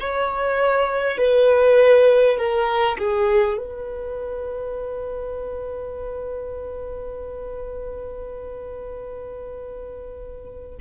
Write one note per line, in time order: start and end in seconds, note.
0.00 1.17 C#5
1.17 2.37 B4
2.37 2.97 A#4
2.98 3.58 G#4
3.58 10.78 B4